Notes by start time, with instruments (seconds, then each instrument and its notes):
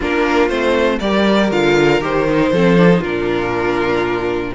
0.00 cello A#3, viola D4, violin F4 A#4
0.48 cello A3, viola C4, violin C5
1.00 cello G3, viola G4, violin A#4 D5
1.51 cello D3, viola F4, violin F5
2.00 cello D#3, viola G4, violin C5
2.29 viola D#4
2.51 cello F3, viola C4, violin A4
2.76 viola D4
2.91 viola D#4
3.00 cello A#2, viola D4, violin F4 A#4